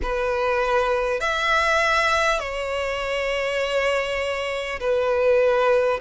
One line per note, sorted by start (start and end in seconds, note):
0.02 1.20 B4
1.20 2.39 E5
2.39 4.79 C#5
4.79 5.99 B4